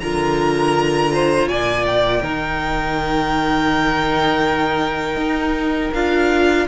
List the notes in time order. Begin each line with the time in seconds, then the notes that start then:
0.00 D3 F4 A#4 A#5
1.13 C5
1.48 A#2 D5 G#5
1.86 G5
2.22 D#3 D#4 A#4
5.17 D#4
5.94 D4 F4 F5